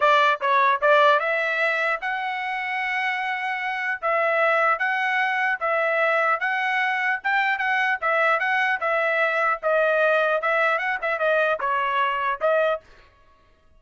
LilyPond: \new Staff \with { instrumentName = "trumpet" } { \time 4/4 \tempo 4 = 150 d''4 cis''4 d''4 e''4~ | e''4 fis''2.~ | fis''2 e''2 | fis''2 e''2 |
fis''2 g''4 fis''4 | e''4 fis''4 e''2 | dis''2 e''4 fis''8 e''8 | dis''4 cis''2 dis''4 | }